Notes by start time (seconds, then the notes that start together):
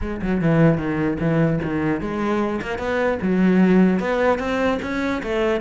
0.01 G#3
0.21 F#3
0.41 E3
0.77 D#3
1.19 E3
1.63 D#3
2.00 G#3
2.61 A#3
2.78 B3
3.22 F#3
3.99 B3
4.38 C4
4.82 C#4
5.22 A3